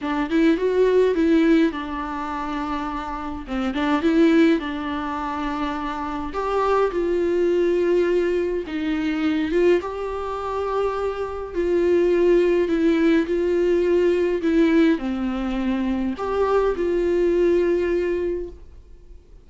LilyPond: \new Staff \with { instrumentName = "viola" } { \time 4/4 \tempo 4 = 104 d'8 e'8 fis'4 e'4 d'4~ | d'2 c'8 d'8 e'4 | d'2. g'4 | f'2. dis'4~ |
dis'8 f'8 g'2. | f'2 e'4 f'4~ | f'4 e'4 c'2 | g'4 f'2. | }